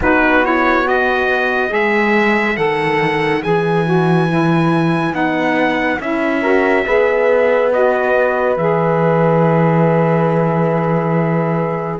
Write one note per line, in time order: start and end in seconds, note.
0.00 1.70 B3
0.00 0.44 D#4
0.00 0.88 F#4
0.00 0.45 B4
0.44 0.83 E4
0.44 0.87 C#5
0.83 1.69 F#4
0.83 6.41 B4
0.83 1.73 D#5
1.69 2.57 G#3
1.69 2.54 G#4
1.69 2.56 E5
2.56 3.43 D#3
2.56 3.41 A4
2.56 3.42 F#5
3.42 5.12 E3
3.42 3.85 G#4
3.42 5.14 G#5
3.85 4.28 F#4
4.29 5.12 E4
5.12 5.98 B3
5.12 5.98 D#4
5.12 6.00 F#5
6.00 6.85 C#4
6.00 6.43 E4
6.00 7.72 E5
6.41 6.86 F#4
6.41 6.84 A#4
6.86 8.56 B3
6.86 7.71 G#4
6.86 12.00 B4
7.71 8.57 F#4
7.71 8.57 D#5
8.56 11.99 E3
8.56 12.00 G#4
8.56 11.99 E5